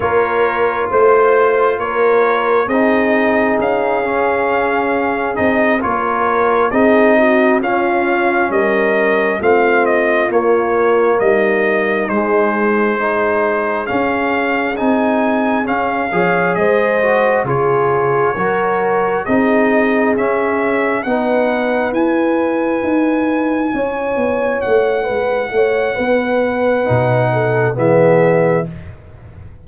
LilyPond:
<<
  \new Staff \with { instrumentName = "trumpet" } { \time 4/4 \tempo 4 = 67 cis''4 c''4 cis''4 dis''4 | f''2 dis''8 cis''4 dis''8~ | dis''8 f''4 dis''4 f''8 dis''8 cis''8~ | cis''8 dis''4 c''2 f''8~ |
f''8 gis''4 f''4 dis''4 cis''8~ | cis''4. dis''4 e''4 fis''8~ | fis''8 gis''2. fis''8~ | fis''2. e''4 | }
  \new Staff \with { instrumentName = "horn" } { \time 4/4 ais'4 c''4 ais'4 gis'4~ | gis'2~ gis'8 ais'4 gis'8 | fis'8 f'4 ais'4 f'4.~ | f'8 dis'2 gis'4.~ |
gis'2 cis''8 c''4 gis'8~ | gis'8 ais'4 gis'2 b'8~ | b'2~ b'8 cis''4. | b'8 cis''8 b'4. a'8 gis'4 | }
  \new Staff \with { instrumentName = "trombone" } { \time 4/4 f'2. dis'4~ | dis'8 cis'4. dis'8 f'4 dis'8~ | dis'8 cis'2 c'4 ais8~ | ais4. gis4 dis'4 cis'8~ |
cis'8 dis'4 cis'8 gis'4 fis'8 f'8~ | f'8 fis'4 dis'4 cis'4 dis'8~ | dis'8 e'2.~ e'8~ | e'2 dis'4 b4 | }
  \new Staff \with { instrumentName = "tuba" } { \time 4/4 ais4 a4 ais4 c'4 | cis'2 c'8 ais4 c'8~ | c'8 cis'4 g4 a4 ais8~ | ais8 g4 gis2 cis'8~ |
cis'8 c'4 cis'8 f8 gis4 cis8~ | cis8 fis4 c'4 cis'4 b8~ | b8 e'4 dis'4 cis'8 b8 a8 | gis8 a8 b4 b,4 e4 | }
>>